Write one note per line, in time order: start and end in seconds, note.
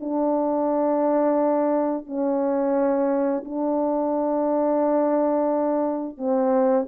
0.00 2.06 D4
2.06 3.44 C#4
3.45 6.18 D4
6.18 6.87 C4